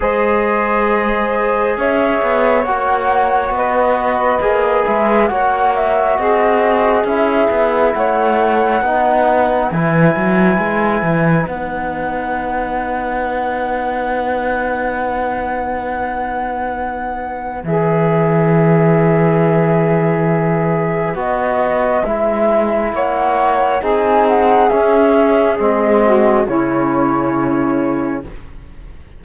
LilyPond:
<<
  \new Staff \with { instrumentName = "flute" } { \time 4/4 \tempo 4 = 68 dis''2 e''4 fis''4 | dis''4. e''8 fis''8 e''8 dis''4 | e''4 fis''2 gis''4~ | gis''4 fis''2.~ |
fis''1 | e''1 | dis''4 e''4 fis''4 gis''8 fis''8 | e''4 dis''4 cis''2 | }
  \new Staff \with { instrumentName = "saxophone" } { \time 4/4 c''2 cis''2 | b'2 cis''4 gis'4~ | gis'4 cis''4 b'2~ | b'1~ |
b'1~ | b'1~ | b'2 cis''4 gis'4~ | gis'4. fis'8 e'2 | }
  \new Staff \with { instrumentName = "trombone" } { \time 4/4 gis'2. fis'4~ | fis'4 gis'4 fis'2 | e'2 dis'4 e'4~ | e'4 dis'2.~ |
dis'1 | gis'1 | fis'4 e'2 dis'4 | cis'4 c'4 cis'2 | }
  \new Staff \with { instrumentName = "cello" } { \time 4/4 gis2 cis'8 b8 ais4 | b4 ais8 gis8 ais4 c'4 | cis'8 b8 a4 b4 e8 fis8 | gis8 e8 b2.~ |
b1 | e1 | b4 gis4 ais4 c'4 | cis'4 gis4 cis2 | }
>>